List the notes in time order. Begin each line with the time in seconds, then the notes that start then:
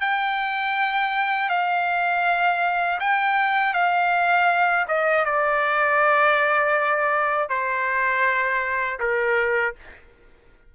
0.00 G5
1.49 F5
3.00 G5
3.73 F5
4.88 D#5
5.25 D5
7.49 C5
8.99 A#4